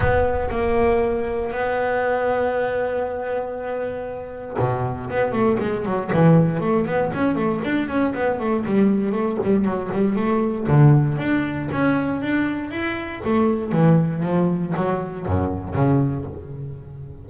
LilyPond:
\new Staff \with { instrumentName = "double bass" } { \time 4/4 \tempo 4 = 118 b4 ais2 b4~ | b1~ | b4 b,4 b8 a8 gis8 fis8 | e4 a8 b8 cis'8 a8 d'8 cis'8 |
b8 a8 g4 a8 g8 fis8 g8 | a4 d4 d'4 cis'4 | d'4 e'4 a4 e4 | f4 fis4 fis,4 cis4 | }